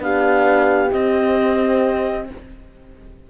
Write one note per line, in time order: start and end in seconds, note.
0.00 0.90 B3
0.00 0.90 D4
0.00 2.29 G4
0.00 0.92 F5
0.92 2.28 C4
0.92 2.30 C4
0.92 2.27 D#5